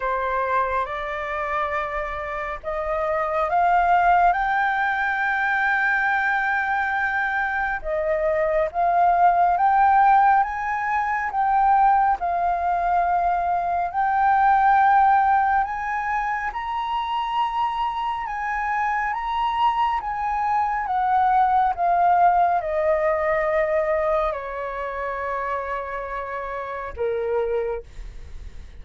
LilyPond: \new Staff \with { instrumentName = "flute" } { \time 4/4 \tempo 4 = 69 c''4 d''2 dis''4 | f''4 g''2.~ | g''4 dis''4 f''4 g''4 | gis''4 g''4 f''2 |
g''2 gis''4 ais''4~ | ais''4 gis''4 ais''4 gis''4 | fis''4 f''4 dis''2 | cis''2. ais'4 | }